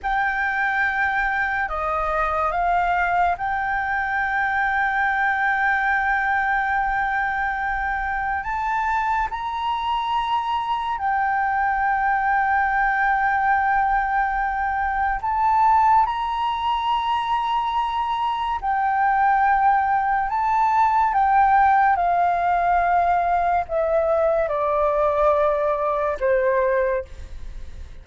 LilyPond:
\new Staff \with { instrumentName = "flute" } { \time 4/4 \tempo 4 = 71 g''2 dis''4 f''4 | g''1~ | g''2 a''4 ais''4~ | ais''4 g''2.~ |
g''2 a''4 ais''4~ | ais''2 g''2 | a''4 g''4 f''2 | e''4 d''2 c''4 | }